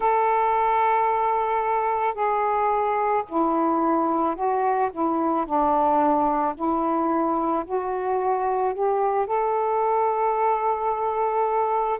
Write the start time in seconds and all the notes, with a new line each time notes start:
0.00 A4
2.14 G#4
3.28 E4
4.35 F#4
4.92 E4
5.45 D4
6.55 E4
7.65 F#4
8.73 G4
9.26 A4